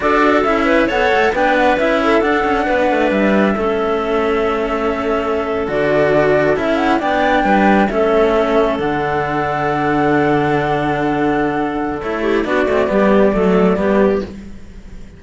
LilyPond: <<
  \new Staff \with { instrumentName = "flute" } { \time 4/4 \tempo 4 = 135 d''4 e''4 fis''4 g''8 fis''8 | e''4 fis''2 e''4~ | e''1~ | e''8. d''2 e''8 fis''8 g''16~ |
g''4.~ g''16 e''2 fis''16~ | fis''1~ | fis''2. cis''4 | d''1 | }
  \new Staff \with { instrumentName = "clarinet" } { \time 4/4 a'4. b'8 cis''4 b'4~ | b'8 a'4. b'2 | a'1~ | a'2.~ a'8. d''16~ |
d''8. b'4 a'2~ a'16~ | a'1~ | a'2.~ a'8 g'8 | fis'4 g'4 a'4 g'4 | }
  \new Staff \with { instrumentName = "cello" } { \time 4/4 fis'4 e'4 a'4 d'4 | e'4 d'2. | cis'1~ | cis'8. fis'2 e'4 d'16~ |
d'4.~ d'16 cis'2 d'16~ | d'1~ | d'2. e'4 | d'8 c'8 b4 a4 b4 | }
  \new Staff \with { instrumentName = "cello" } { \time 4/4 d'4 cis'4 b8 a8 b4 | cis'4 d'8 cis'8 b8 a8 g4 | a1~ | a8. d2 cis'4 b16~ |
b8. g4 a2 d16~ | d1~ | d2. a4 | b8 a8 g4 fis4 g4 | }
>>